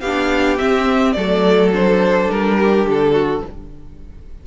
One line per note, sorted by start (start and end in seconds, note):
0.00 0.58 B3
0.00 0.58 D4
0.00 1.13 G4
0.00 0.57 F5
0.58 1.14 C4
0.58 1.16 C4
0.58 1.12 E5
1.12 2.29 F#3
1.12 1.72 A3
1.12 2.58 A4
1.12 1.69 D5
1.72 3.42 D4
1.72 2.30 C5
2.30 2.85 G3
2.30 2.87 A#4
2.58 3.12 G4
2.85 3.41 D3
2.85 3.46 A4
3.12 3.41 F#4